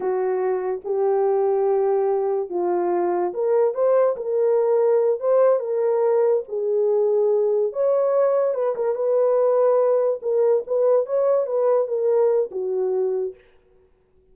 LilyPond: \new Staff \with { instrumentName = "horn" } { \time 4/4 \tempo 4 = 144 fis'2 g'2~ | g'2 f'2 | ais'4 c''4 ais'2~ | ais'8 c''4 ais'2 gis'8~ |
gis'2~ gis'8 cis''4.~ | cis''8 b'8 ais'8 b'2~ b'8~ | b'8 ais'4 b'4 cis''4 b'8~ | b'8 ais'4. fis'2 | }